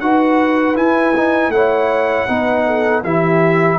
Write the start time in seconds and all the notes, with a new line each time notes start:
0.00 D#4 F#4 B4 F#5
0.75 E4 G#5
1.17 D#4
1.49 A3 E4 C#5 F#5
2.28 B3 D#4 B4
2.66 A4
3.04 E3 E4 G4 E5